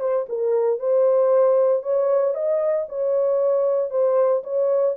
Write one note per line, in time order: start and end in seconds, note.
0.00 0.26 C5
0.29 0.79 A#4
0.79 1.83 C5
1.83 2.35 C#5
2.35 2.87 D#5
2.89 3.91 C#5
3.91 4.43 C5
4.44 4.96 C#5